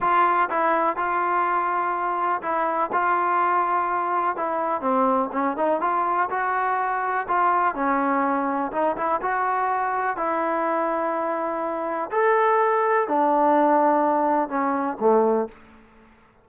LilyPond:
\new Staff \with { instrumentName = "trombone" } { \time 4/4 \tempo 4 = 124 f'4 e'4 f'2~ | f'4 e'4 f'2~ | f'4 e'4 c'4 cis'8 dis'8 | f'4 fis'2 f'4 |
cis'2 dis'8 e'8 fis'4~ | fis'4 e'2.~ | e'4 a'2 d'4~ | d'2 cis'4 a4 | }